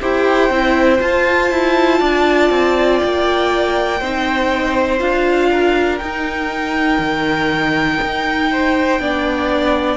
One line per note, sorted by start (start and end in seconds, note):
0.00 0.50 E4
0.00 0.50 G4
0.00 1.99 C5
0.00 1.01 G5
0.50 1.00 C4
0.50 0.98 E4
0.98 3.98 F4
0.98 1.50 F4
0.98 2.99 A5
1.50 2.00 E4
1.99 2.50 D4
1.99 3.99 D5
2.50 3.00 C4
2.99 4.00 A#3
2.99 4.99 G5
3.99 5.00 C4
3.99 4.99 D#4
3.99 5.49 C5
4.99 6.00 D4
4.99 5.99 F4
4.99 5.97 F5
5.50 8.50 A#4
5.97 6.98 D#4
5.97 8.99 D#4
5.97 9.97 G5
6.98 7.98 D#3
8.01 8.99 D#4
8.51 9.01 C5
8.99 9.97 B3
8.99 9.97 D4
8.99 9.97 D5